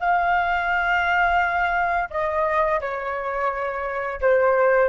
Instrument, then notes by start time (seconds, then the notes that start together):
flute
0.00 F5
2.11 D#5
2.81 C#5
4.21 C5